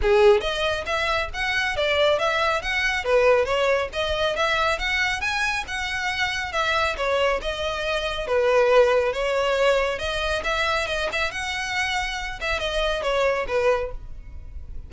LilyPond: \new Staff \with { instrumentName = "violin" } { \time 4/4 \tempo 4 = 138 gis'4 dis''4 e''4 fis''4 | d''4 e''4 fis''4 b'4 | cis''4 dis''4 e''4 fis''4 | gis''4 fis''2 e''4 |
cis''4 dis''2 b'4~ | b'4 cis''2 dis''4 | e''4 dis''8 e''8 fis''2~ | fis''8 e''8 dis''4 cis''4 b'4 | }